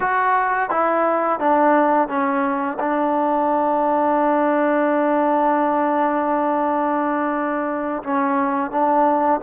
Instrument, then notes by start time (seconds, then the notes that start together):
trombone
0.00 F#4
0.70 E4
1.39 D4
2.08 C#4
2.79 D4
8.03 C#4
8.70 D4